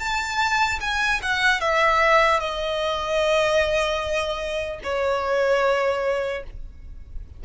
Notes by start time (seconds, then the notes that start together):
0.00 A5
0.81 G#5
1.23 F#5
1.61 E5
2.40 D#5
4.84 C#5